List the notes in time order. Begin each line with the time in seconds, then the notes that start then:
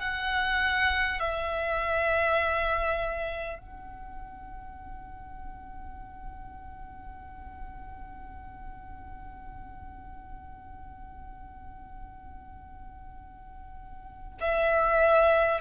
0.00 F#5
1.19 E5
3.58 F#5
14.41 E5